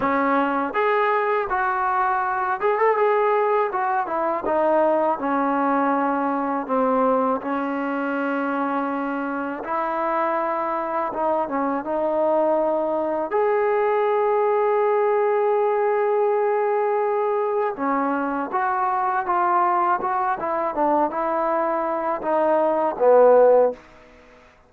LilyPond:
\new Staff \with { instrumentName = "trombone" } { \time 4/4 \tempo 4 = 81 cis'4 gis'4 fis'4. gis'16 a'16 | gis'4 fis'8 e'8 dis'4 cis'4~ | cis'4 c'4 cis'2~ | cis'4 e'2 dis'8 cis'8 |
dis'2 gis'2~ | gis'1 | cis'4 fis'4 f'4 fis'8 e'8 | d'8 e'4. dis'4 b4 | }